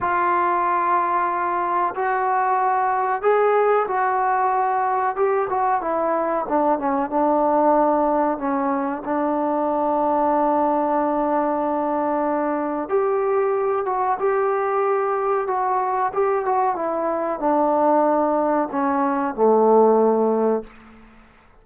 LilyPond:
\new Staff \with { instrumentName = "trombone" } { \time 4/4 \tempo 4 = 93 f'2. fis'4~ | fis'4 gis'4 fis'2 | g'8 fis'8 e'4 d'8 cis'8 d'4~ | d'4 cis'4 d'2~ |
d'1 | g'4. fis'8 g'2 | fis'4 g'8 fis'8 e'4 d'4~ | d'4 cis'4 a2 | }